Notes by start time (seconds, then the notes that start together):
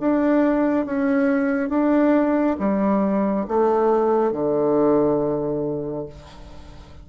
0.00 D4
0.86 C#4
1.70 D4
2.59 G3
3.48 A3
4.32 D3